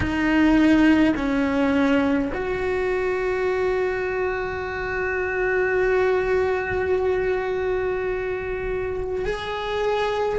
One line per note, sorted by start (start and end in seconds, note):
0.00 1.14 D#4
1.16 2.31 C#4
2.34 9.25 F#4
9.25 10.38 G#4